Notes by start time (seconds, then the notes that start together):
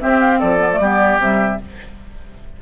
0.00 C4 G4 E5
0.20 F5
0.39 F3 A4 D5
0.59 B3
0.72 A3
0.79 G3 B3 G4
1.19 C3 G3 E5